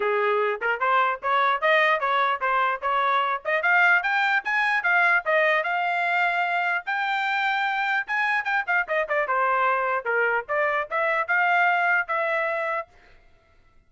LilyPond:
\new Staff \with { instrumentName = "trumpet" } { \time 4/4 \tempo 4 = 149 gis'4. ais'8 c''4 cis''4 | dis''4 cis''4 c''4 cis''4~ | cis''8 dis''8 f''4 g''4 gis''4 | f''4 dis''4 f''2~ |
f''4 g''2. | gis''4 g''8 f''8 dis''8 d''8 c''4~ | c''4 ais'4 d''4 e''4 | f''2 e''2 | }